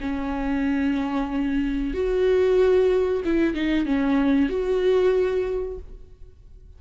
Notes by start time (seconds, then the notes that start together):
0.00 C#4
1.94 F#4
3.25 E4
3.54 D#4
3.85 C#4
4.49 F#4